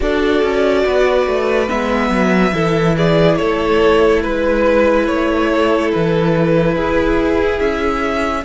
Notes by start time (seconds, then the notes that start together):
0.00 D4 F#4 A4 D5
0.42 C#4
0.84 B3 B4
1.26 A3
1.67 G#3 B3 E5
2.09 F#3
2.52 E3 E4 A4
2.96 G#4 D5
3.36 A3 A4 C#5
4.22 G#3 B4
5.06 A3 C#5
5.51 A4
5.92 E3 B4
6.75 E4 G#4
7.59 C#4 E5